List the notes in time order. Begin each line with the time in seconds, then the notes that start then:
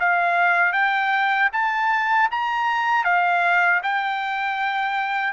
0.00 F5
0.72 G5
1.52 A5
2.31 A#5
3.04 F5
3.83 G5